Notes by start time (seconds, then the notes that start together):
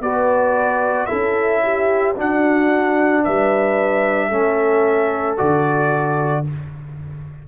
0.00 B3 F#4 B4 D5
1.06 C#4 E4 A4 E5
1.63 G4
2.16 D4 F#4 F#5
3.24 G3 B4 E5
4.28 A3 C#4 A4
5.37 D3 F#4 D5